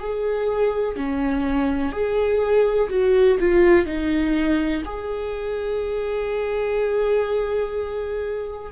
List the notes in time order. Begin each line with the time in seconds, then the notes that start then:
0.00 G#4
0.96 C#4
1.92 G#4
2.89 F#4
3.40 F4
3.86 D#4
4.85 G#4